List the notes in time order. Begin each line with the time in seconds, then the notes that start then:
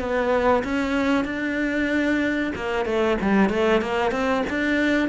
0.00 B3
0.64 C#4
1.25 D4
2.56 A#3
2.86 A3
3.22 G3
3.50 A3
3.82 A#3
4.12 C4
4.50 D4